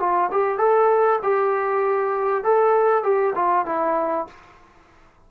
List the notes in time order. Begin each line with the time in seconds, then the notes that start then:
0.00 F4
0.31 G4
0.58 A4
1.23 G4
2.44 A4
3.04 G4
3.36 F4
3.66 E4